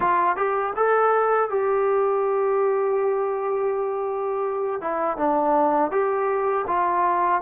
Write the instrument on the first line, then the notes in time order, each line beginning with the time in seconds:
trombone
0.00 F4
0.36 G4
0.75 A4
1.49 G4
4.81 E4
5.17 D4
5.91 G4
6.67 F4